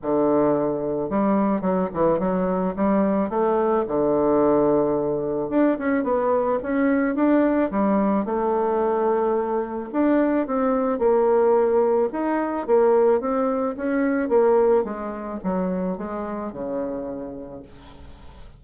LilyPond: \new Staff \with { instrumentName = "bassoon" } { \time 4/4 \tempo 4 = 109 d2 g4 fis8 e8 | fis4 g4 a4 d4~ | d2 d'8 cis'8 b4 | cis'4 d'4 g4 a4~ |
a2 d'4 c'4 | ais2 dis'4 ais4 | c'4 cis'4 ais4 gis4 | fis4 gis4 cis2 | }